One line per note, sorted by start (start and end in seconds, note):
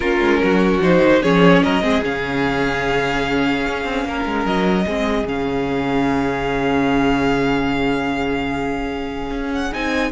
0.00 0.20 A#3
0.00 0.82 C#4
0.00 0.40 F4
0.00 0.80 A#4
0.20 0.40 G#3
0.42 0.79 F#3
0.42 1.21 F#4
0.79 0.99 F3
0.79 1.22 D#4
0.79 1.22 C5
1.02 1.22 D#3
1.21 1.64 F3
1.21 1.82 C#4
1.21 1.62 G#4
1.21 1.62 C#5
1.62 1.80 F#3
1.62 1.83 A#4
1.62 2.03 D#5
1.80 2.01 G#3
1.80 2.02 C4
1.80 4.06 G#4
2.02 3.66 C#3
2.02 4.86 C#4
2.02 4.46 F5
3.67 3.84 C#4
3.84 4.04 C4
4.04 4.24 A#3
4.04 4.85 A#4
4.25 4.45 G#3
4.45 4.85 F#3
4.45 5.27 D#5
4.85 5.24 G#3
4.85 5.26 C4
4.85 10.11 G#4
5.24 9.29 C#3
5.24 9.72 C#4
5.24 9.53 F5
9.30 9.71 C#4
9.53 9.73 F#5
9.72 10.11 C4
9.72 10.11 D#4
9.72 10.11 G#5